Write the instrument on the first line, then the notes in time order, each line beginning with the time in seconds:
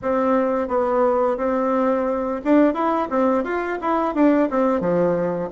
bassoon
0.02 C4
0.68 B3
1.37 C4
2.44 D4
2.74 E4
3.10 C4
3.44 F4
3.81 E4
4.14 D4
4.50 C4
4.80 F3